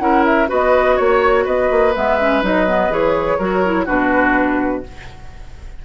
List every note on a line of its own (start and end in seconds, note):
0.00 0.49 C#4
0.00 0.48 E4
0.00 0.49 A#4
0.00 0.24 F#5
0.26 0.50 E5
0.48 1.00 B3
0.48 1.93 F#4
0.48 0.96 B4
0.48 0.98 D#5
0.96 1.46 A#3
0.96 1.44 C#5
0.96 1.46 C#5
1.45 1.71 B3
1.45 3.39 B4
1.45 1.95 D#5
1.71 1.95 A#3
1.96 2.43 G#3
1.96 2.20 B3
1.96 2.44 E5
2.20 2.43 C#4
2.43 2.91 F#3
2.43 2.67 D#4
2.43 2.94 D#5
2.67 2.91 B3
2.91 3.39 E3
2.91 3.39 G#4
2.91 3.87 C#5
3.39 3.88 F#3
3.39 3.65 F#4
3.39 3.86 A#4
3.66 3.87 E4
3.86 4.85 B2
3.86 4.84 D4
3.86 4.82 F#4
3.86 4.84 B4